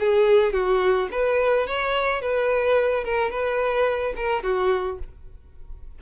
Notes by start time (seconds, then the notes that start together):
0.00 G#4
0.53 F#4
1.11 B4
1.67 C#5
2.21 B4
3.05 A#4
3.31 B4
4.16 A#4
4.43 F#4